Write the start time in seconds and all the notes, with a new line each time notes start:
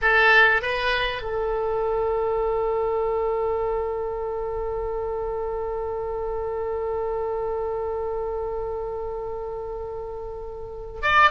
0.01 A4
0.62 B4
1.21 A4
11.01 D5